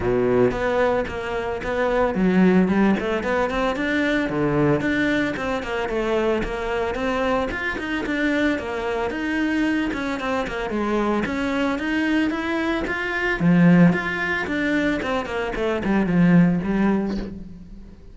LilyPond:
\new Staff \with { instrumentName = "cello" } { \time 4/4 \tempo 4 = 112 b,4 b4 ais4 b4 | fis4 g8 a8 b8 c'8 d'4 | d4 d'4 c'8 ais8 a4 | ais4 c'4 f'8 dis'8 d'4 |
ais4 dis'4. cis'8 c'8 ais8 | gis4 cis'4 dis'4 e'4 | f'4 f4 f'4 d'4 | c'8 ais8 a8 g8 f4 g4 | }